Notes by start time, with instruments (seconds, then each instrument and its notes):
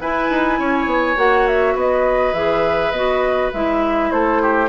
0.00 bassoon E4, clarinet E4, oboe B4, flute G#5
0.30 bassoon D#4
0.60 bassoon C#4, oboe C#5
0.86 bassoon B3
1.16 bassoon A#3, clarinet F#4, flute F#5
1.48 flute E5
1.75 bassoon B3, oboe B4, flute D#5
2.34 bassoon E3, clarinet G#4, flute E5
2.92 bassoon B3, clarinet F#4, flute D#5
3.53 bassoon G#3, clarinet E4, flute E5
4.11 bassoon A3, oboe A4, flute C5
4.42 oboe G4